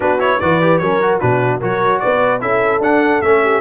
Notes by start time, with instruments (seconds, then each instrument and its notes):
0.00 tuba B3, trombone D4, horn F#4, trumpet B4
0.18 trombone E4, trumpet C#5
0.40 tuba E3, trombone F#4, horn B4, trumpet D5
0.61 trombone G4
0.78 tuba F#3, trombone C#4, horn A#4, trumpet C#5
1.01 trombone F#4
1.20 tuba B2, trombone D4, horn F#4, trumpet B4
1.59 tuba F#3, trombone F#4, horn A#4, trumpet C#5
1.99 tuba B3, horn B4, trumpet D5
2.40 tuba C#4, trombone E4, horn A4, trumpet E5
2.79 tuba D4, trombone D4, trumpet F#5
3.21 tuba A3, trombone C#4, trumpet E5
3.42 horn G4